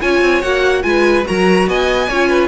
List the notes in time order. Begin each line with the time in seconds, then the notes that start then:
0.00 C#4 F4 C#5 G#5
0.21 C4
0.42 A#3 F#4 F#5
0.82 G#3 F4 B4 G#5
1.25 F#3 F#4 A#4 A#5
1.67 B3 D#5 G#5
2.08 C#4 F4 C#5
2.28 B4